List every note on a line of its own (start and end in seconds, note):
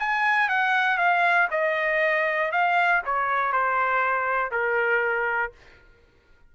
0.00 0.49 G#5
0.49 0.98 F#5
0.98 1.48 F5
1.51 2.52 D#5
2.52 3.02 F5
3.06 3.53 C#5
3.53 4.51 C5
4.51 5.52 A#4